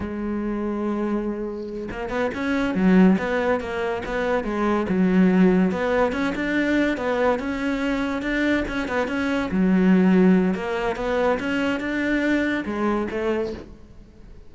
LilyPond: \new Staff \with { instrumentName = "cello" } { \time 4/4 \tempo 4 = 142 gis1~ | gis8 ais8 b8 cis'4 fis4 b8~ | b8 ais4 b4 gis4 fis8~ | fis4. b4 cis'8 d'4~ |
d'8 b4 cis'2 d'8~ | d'8 cis'8 b8 cis'4 fis4.~ | fis4 ais4 b4 cis'4 | d'2 gis4 a4 | }